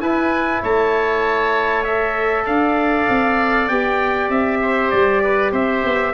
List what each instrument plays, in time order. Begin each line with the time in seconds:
0.00 tuba E4, trombone E4, oboe B4, trumpet G#5
0.62 tuba A3, oboe C#5, trumpet A5
1.84 trombone A4, trumpet E5
2.44 tuba D4, oboe D5, trumpet F5
3.08 tuba C4
3.68 tuba B3, trombone G4, trumpet G5
4.29 tuba C4, trumpet E5
4.61 oboe C5
4.90 tuba G3, trumpet D5
5.23 oboe B4
5.52 tuba C4, oboe C5, trumpet E5
5.84 tuba B3